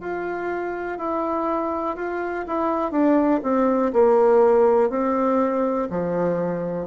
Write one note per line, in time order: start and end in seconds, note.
0.00 0.98 F4
0.98 1.96 E4
1.96 2.45 F4
2.47 2.92 E4
2.92 3.41 D4
3.43 3.93 C4
3.93 4.90 A#3
4.90 5.88 C4
5.90 6.87 F3